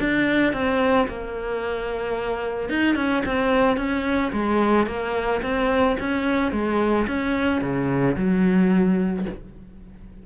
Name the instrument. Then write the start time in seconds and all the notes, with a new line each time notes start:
cello
0.00 D4
0.53 C4
1.09 A#3
2.70 D#4
2.96 C#4
3.26 C4
3.78 C#4
4.33 G#3
4.87 A#3
5.43 C4
6.00 C#4
6.52 G#3
7.08 C#4
7.62 C#3
8.17 F#3